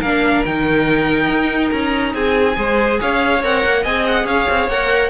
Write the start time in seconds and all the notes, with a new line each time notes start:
0.00 A#3 D4 A#4 F5
0.46 D#3 D#4 G5
1.29 D#4
1.71 C#4 A#5
2.15 C4 G#4 G#5
2.56 G#3 G#4 C5
3.01 C#4 C#5 F5
3.44 C4 A#4 F#5
3.65 A#3
3.83 C4 G#4 D#5 G#5
4.07 F#5
4.25 C#4 C#5 F5
4.50 C4
4.68 A#3 A#4 F#5